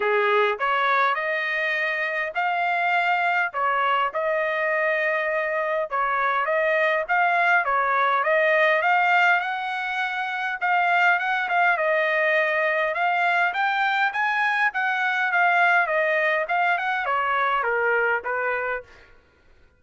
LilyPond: \new Staff \with { instrumentName = "trumpet" } { \time 4/4 \tempo 4 = 102 gis'4 cis''4 dis''2 | f''2 cis''4 dis''4~ | dis''2 cis''4 dis''4 | f''4 cis''4 dis''4 f''4 |
fis''2 f''4 fis''8 f''8 | dis''2 f''4 g''4 | gis''4 fis''4 f''4 dis''4 | f''8 fis''8 cis''4 ais'4 b'4 | }